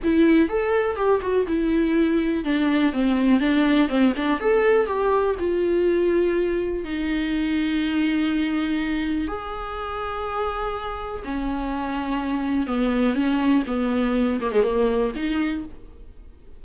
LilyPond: \new Staff \with { instrumentName = "viola" } { \time 4/4 \tempo 4 = 123 e'4 a'4 g'8 fis'8 e'4~ | e'4 d'4 c'4 d'4 | c'8 d'8 a'4 g'4 f'4~ | f'2 dis'2~ |
dis'2. gis'4~ | gis'2. cis'4~ | cis'2 b4 cis'4 | b4. ais16 gis16 ais4 dis'4 | }